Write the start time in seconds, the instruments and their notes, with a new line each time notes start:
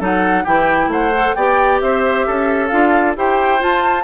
0.00 bassoon F#3, clarinet D#4, oboe A4, flute F#5
0.44 bassoon E3, clarinet E4, oboe G4, flute G5
0.87 bassoon A3, oboe C5, flute F#5
1.14 clarinet A4
1.34 bassoon B3, clarinet G4, oboe D5, flute G5
1.80 bassoon C4, oboe C5, flute E5
2.27 bassoon C#4, oboe A4
2.68 bassoon D4, clarinet F4, flute F5
3.16 bassoon E4, clarinet G4, oboe C5, flute G5
3.59 clarinet F4, bassoon F4, flute A5